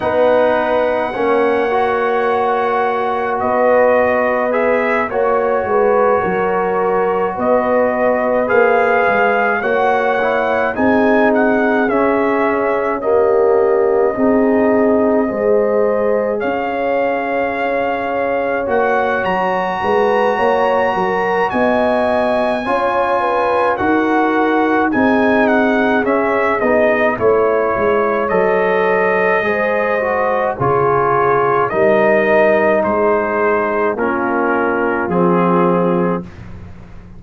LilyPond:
<<
  \new Staff \with { instrumentName = "trumpet" } { \time 4/4 \tempo 4 = 53 fis''2. dis''4 | e''8 cis''2 dis''4 f''8~ | f''8 fis''4 gis''8 fis''8 e''4 dis''8~ | dis''2~ dis''8 f''4.~ |
f''8 fis''8 ais''2 gis''4~ | gis''4 fis''4 gis''8 fis''8 e''8 dis''8 | cis''4 dis''2 cis''4 | dis''4 c''4 ais'4 gis'4 | }
  \new Staff \with { instrumentName = "horn" } { \time 4/4 b'4 cis''2 b'4~ | b'8 cis''8 b'8 ais'4 b'4.~ | b'8 cis''4 gis'2 g'8~ | g'8 gis'4 c''4 cis''4.~ |
cis''4. b'8 cis''8 ais'8 dis''4 | cis''8 b'8 ais'4 gis'2 | cis''2 c''4 gis'4 | ais'4 gis'4 f'2 | }
  \new Staff \with { instrumentName = "trombone" } { \time 4/4 dis'4 cis'8 fis'2~ fis'8 | gis'8 fis'2. gis'8~ | gis'8 fis'8 e'8 dis'4 cis'4 ais8~ | ais8 dis'4 gis'2~ gis'8~ |
gis'8 fis'2.~ fis'8 | f'4 fis'4 dis'4 cis'8 dis'8 | e'4 a'4 gis'8 fis'8 f'4 | dis'2 cis'4 c'4 | }
  \new Staff \with { instrumentName = "tuba" } { \time 4/4 b4 ais2 b4~ | b8 ais8 gis8 fis4 b4 ais8 | gis8 ais4 c'4 cis'4.~ | cis'8 c'4 gis4 cis'4.~ |
cis'8 ais8 fis8 gis8 ais8 fis8 b4 | cis'4 dis'4 c'4 cis'8 b8 | a8 gis8 fis4 gis4 cis4 | g4 gis4 ais4 f4 | }
>>